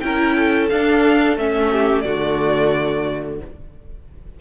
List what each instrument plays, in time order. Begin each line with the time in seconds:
0.00 cello C#4, viola E4, violin A#4 G5
0.36 violin A4
0.69 cello D4, viola D4, violin F5
1.37 cello A3, viola C#4, violin E5
1.72 violin G4
2.01 cello D3, viola A3, violin F#4 D5